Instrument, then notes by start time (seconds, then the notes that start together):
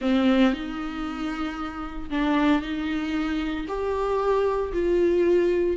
viola
0.01 C4
0.53 D#4
2.10 D4
2.62 D#4
3.68 G4
4.72 F4